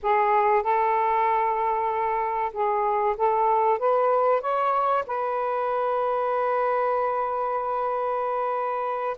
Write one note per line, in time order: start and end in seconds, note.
0.02 0.63 G#4
0.63 2.52 A4
2.52 3.16 G#4
3.17 3.78 A4
3.78 4.41 B4
4.41 5.04 C#5
5.06 9.17 B4